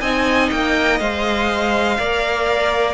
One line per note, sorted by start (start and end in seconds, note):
0.00 0.50 C4
0.00 1.00 D#4
0.00 1.97 D#5
0.00 0.49 G#5
0.51 1.00 A#3
0.51 0.99 G5
0.99 1.98 G#3
0.99 1.98 C5
0.99 2.94 F5
1.98 2.94 A#3
1.98 2.94 A#4
1.98 2.94 D5